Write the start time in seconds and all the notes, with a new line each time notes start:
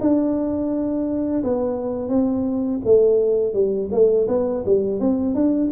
0.00 D4
1.43 B3
2.08 C4
2.84 A3
3.53 G3
3.92 A3
4.28 B3
4.66 G3
5.00 C4
5.34 D4